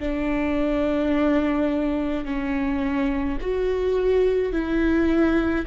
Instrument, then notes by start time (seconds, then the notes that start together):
viola
0.00 D4
2.25 C#4
3.41 F#4
4.53 E4